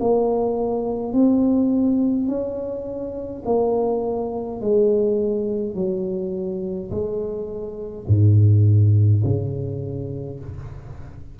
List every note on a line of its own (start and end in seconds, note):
0.00 1.12 A#3
1.12 2.27 C4
2.27 3.42 C#4
3.45 4.60 A#3
4.60 5.75 G#3
5.75 6.90 F#3
6.90 8.06 G#3
8.07 9.23 G#2
9.24 10.40 C#3